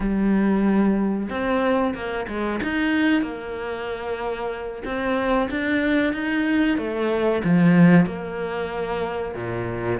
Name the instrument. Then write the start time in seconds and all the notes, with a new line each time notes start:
cello
0.00 G3
1.29 C4
1.94 A#3
2.28 G#3
2.63 D#4
3.22 A#3
4.84 C4
5.50 D4
6.13 D#4
6.77 A3
7.44 F3
8.06 A#3
9.35 A#2